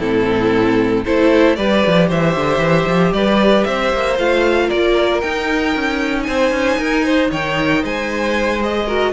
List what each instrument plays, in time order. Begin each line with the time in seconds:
0.00 cello A2, viola C4, violin E4 A4
1.05 cello A3, viola E4, violin A4 C5
1.56 cello G3, viola G4, violin B4 D5
1.87 cello F3
2.08 cello E3, violin C5 E5
2.37 cello D3
2.59 cello E3
2.87 cello F3
3.13 cello G3, violin B4 D5
3.64 cello C4, violin C5 E5
3.93 cello A#3
4.19 cello A3, viola F4, violin F5
4.67 cello A#3, violin A#4 D5
5.21 cello D#4, viola D#4, violin G5
5.76 cello C#4
6.23 cello C4, violin C5 G#5
6.52 cello C#4
6.79 cello D#4, violin A#4
7.06 violin C5
7.31 cello D#3, violin C#5 G5
7.83 cello G#3, violin C5 G#5
8.61 viola G#4, violin D#5
8.87 viola F#4, violin A#4